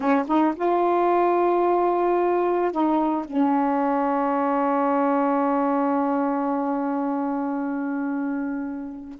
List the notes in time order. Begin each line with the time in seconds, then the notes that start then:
0.00 C#4
0.27 D#4
0.55 F4
2.71 D#4
3.24 C#4